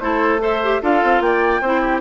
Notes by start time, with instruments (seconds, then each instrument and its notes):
0.00 bassoon A3, clarinet E4, oboe A4, flute C5
0.40 clarinet A4, oboe C5, flute E5
0.63 clarinet G4
0.82 bassoon D4, clarinet F4, oboe A4, flute F5
1.03 bassoon C4
1.20 bassoon A#3, oboe D5, flute G5
1.61 bassoon C4, clarinet E4, oboe C5
1.81 oboe G4